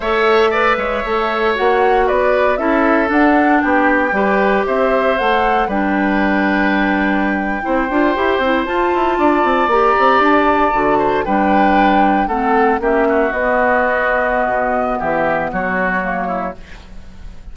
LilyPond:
<<
  \new Staff \with { instrumentName = "flute" } { \time 4/4 \tempo 4 = 116 e''2. fis''4 | d''4 e''4 fis''4 g''4~ | g''4 e''4 fis''4 g''4~ | g''1~ |
g''8. a''2 ais''4 a''16~ | a''4.~ a''16 g''2 fis''16~ | fis''8. e''4 dis''2~ dis''16~ | dis''4 e''4 cis''2 | }
  \new Staff \with { instrumentName = "oboe" } { \time 4/4 cis''4 d''8 cis''2~ cis''8 | b'4 a'2 g'4 | b'4 c''2 b'4~ | b'2~ b'8. c''4~ c''16~ |
c''4.~ c''16 d''2~ d''16~ | d''4~ d''16 c''8 b'2 a'16~ | a'8. g'8 fis'2~ fis'8.~ | fis'4 g'4 fis'4. e'8 | }
  \new Staff \with { instrumentName = "clarinet" } { \time 4/4 a'4 b'4 a'4 fis'4~ | fis'4 e'4 d'2 | g'2 a'4 d'4~ | d'2~ d'8. e'8 f'8 g'16~ |
g'16 e'8 f'2 g'4~ g'16~ | g'8. fis'4 d'2 c'16~ | c'8. cis'4 b2~ b16~ | b2. ais4 | }
  \new Staff \with { instrumentName = "bassoon" } { \time 4/4 a4. gis8 a4 ais4 | b4 cis'4 d'4 b4 | g4 c'4 a4 g4~ | g2~ g8. c'8 d'8 e'16~ |
e'16 c'8 f'8 e'8 d'8 c'8 ais8 c'8 d'16~ | d'8. d4 g2 a16~ | a8. ais4 b2~ b16 | b,4 e4 fis2 | }
>>